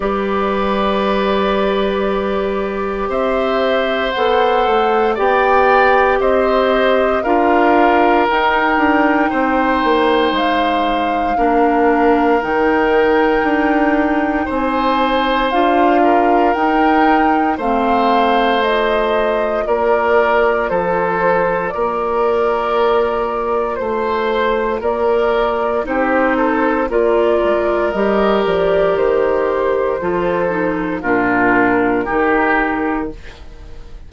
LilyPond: <<
  \new Staff \with { instrumentName = "flute" } { \time 4/4 \tempo 4 = 58 d''2. e''4 | fis''4 g''4 dis''4 f''4 | g''2 f''2 | g''2 gis''4 f''4 |
g''4 f''4 dis''4 d''4 | c''4 d''2 c''4 | d''4 c''4 d''4 dis''8 d''8 | c''2 ais'2 | }
  \new Staff \with { instrumentName = "oboe" } { \time 4/4 b'2. c''4~ | c''4 d''4 c''4 ais'4~ | ais'4 c''2 ais'4~ | ais'2 c''4. ais'8~ |
ais'4 c''2 ais'4 | a'4 ais'2 c''4 | ais'4 g'8 a'8 ais'2~ | ais'4 a'4 f'4 g'4 | }
  \new Staff \with { instrumentName = "clarinet" } { \time 4/4 g'1 | a'4 g'2 f'4 | dis'2. d'4 | dis'2. f'4 |
dis'4 c'4 f'2~ | f'1~ | f'4 dis'4 f'4 g'4~ | g'4 f'8 dis'8 d'4 dis'4 | }
  \new Staff \with { instrumentName = "bassoon" } { \time 4/4 g2. c'4 | b8 a8 b4 c'4 d'4 | dis'8 d'8 c'8 ais8 gis4 ais4 | dis4 d'4 c'4 d'4 |
dis'4 a2 ais4 | f4 ais2 a4 | ais4 c'4 ais8 gis8 g8 f8 | dis4 f4 ais,4 dis4 | }
>>